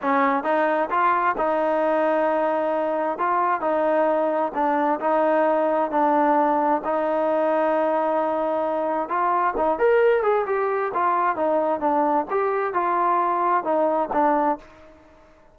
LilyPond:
\new Staff \with { instrumentName = "trombone" } { \time 4/4 \tempo 4 = 132 cis'4 dis'4 f'4 dis'4~ | dis'2. f'4 | dis'2 d'4 dis'4~ | dis'4 d'2 dis'4~ |
dis'1 | f'4 dis'8 ais'4 gis'8 g'4 | f'4 dis'4 d'4 g'4 | f'2 dis'4 d'4 | }